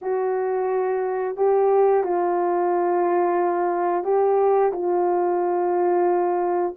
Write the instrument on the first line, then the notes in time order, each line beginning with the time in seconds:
horn
0.01 F#4
1.36 G4
2.03 F4
4.04 G4
4.72 F4